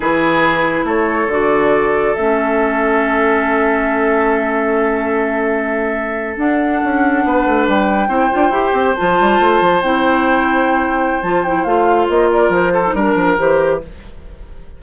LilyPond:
<<
  \new Staff \with { instrumentName = "flute" } { \time 4/4 \tempo 4 = 139 b'2 cis''4 d''4~ | d''4 e''2.~ | e''1~ | e''2~ e''8. fis''4~ fis''16~ |
fis''4.~ fis''16 g''2~ g''16~ | g''8. a''2 g''4~ g''16~ | g''2 a''8 g''8 f''4 | dis''8 d''8 c''4 ais'4 c''4 | }
  \new Staff \with { instrumentName = "oboe" } { \time 4/4 gis'2 a'2~ | a'1~ | a'1~ | a'1~ |
a'8. b'2 c''4~ c''16~ | c''1~ | c''1~ | c''8 ais'4 a'8 ais'2 | }
  \new Staff \with { instrumentName = "clarinet" } { \time 4/4 e'2. fis'4~ | fis'4 cis'2.~ | cis'1~ | cis'2~ cis'8. d'4~ d'16~ |
d'2~ d'8. e'8 f'8 g'16~ | g'8. f'2 e'4~ e'16~ | e'2 f'8 e'8 f'4~ | f'4.~ f'16 dis'16 d'4 g'4 | }
  \new Staff \with { instrumentName = "bassoon" } { \time 4/4 e2 a4 d4~ | d4 a2.~ | a1~ | a2~ a8. d'4 cis'16~ |
cis'8. b8 a8 g4 c'8 d'8 e'16~ | e'16 c'8 f8 g8 a8 f8 c'4~ c'16~ | c'2 f4 a4 | ais4 f4 g8 f8 e4 | }
>>